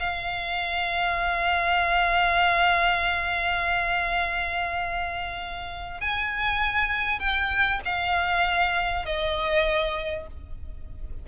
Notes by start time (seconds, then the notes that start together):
0.00 F5
6.01 G#5
7.20 G5
7.85 F5
9.06 D#5